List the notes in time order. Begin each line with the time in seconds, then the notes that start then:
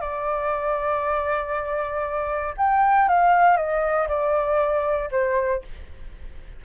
0.00 D5
2.57 G5
3.08 F5
3.56 D#5
4.07 D5
5.11 C5